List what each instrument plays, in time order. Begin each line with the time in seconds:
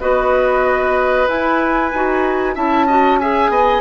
0.00 bassoon B3, clarinet F#4, oboe B4, flute D#5
1.27 clarinet E4, bassoon E4, flute G#5
1.93 bassoon D#4, clarinet F#4
2.55 bassoon C#4, clarinet E4, oboe E5, flute A5
2.87 clarinet F#4, oboe D#5
3.19 clarinet G#4, oboe E5, flute G#5
3.50 bassoon B3, oboe D#5